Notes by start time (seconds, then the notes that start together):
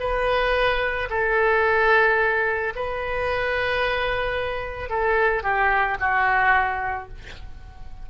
0.00 B4
1.10 A4
2.76 B4
4.90 A4
5.43 G4
6.00 F#4